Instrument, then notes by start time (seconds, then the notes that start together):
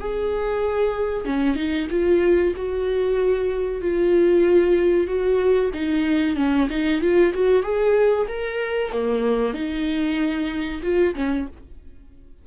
viola
0.00 G#4
1.25 C#4
1.56 D#4
1.91 F4
2.56 F#4
3.81 F4
5.07 F#4
5.74 D#4
6.36 C#4
6.70 D#4
7.02 F4
7.34 F#4
7.63 G#4
8.28 A#4
8.92 A#3
9.54 D#4
10.83 F4
11.15 C#4